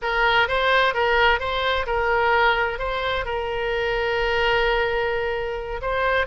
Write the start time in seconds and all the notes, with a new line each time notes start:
0.02 A#4
0.48 C5
0.93 A#4
1.39 C5
1.86 A#4
2.79 C5
3.25 A#4
5.81 C5